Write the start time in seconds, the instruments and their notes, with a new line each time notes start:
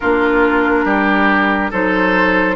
0.00 bassoon A#3, clarinet D4, oboe F4, flute A#4
0.84 bassoon G3, oboe G4
1.71 bassoon F#3, clarinet D#4, oboe A4, flute C5